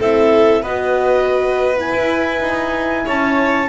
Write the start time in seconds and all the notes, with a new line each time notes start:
0.00 C4 E4 A4 E5
0.62 B3 F#4 B4 D#5
1.76 E4 G#5
1.93 E4
2.41 D#4
3.05 C#4 C#5 A5